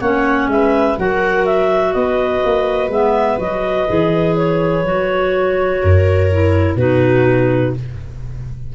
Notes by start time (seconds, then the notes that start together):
0.00 A#3 C#4 C#5 F#5
0.47 G#3 B4 E5
0.98 F#3 F#4 A#4 F#5
1.45 E5
1.93 B3 B4 D#5
2.45 A#3
2.88 G#3 B3 E5
3.38 F#3 F#4 D#5
3.88 E3 G#4
4.36 C#5
4.83 F#3 F#4
5.81 F#2 A#4
6.31 E4
6.76 B2 D#4 F#4 B4